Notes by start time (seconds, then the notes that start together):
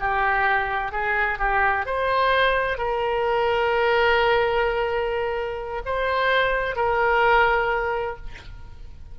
0.00 G4
0.92 G#4
1.39 G4
1.86 C5
2.78 A#4
5.86 C5
6.76 A#4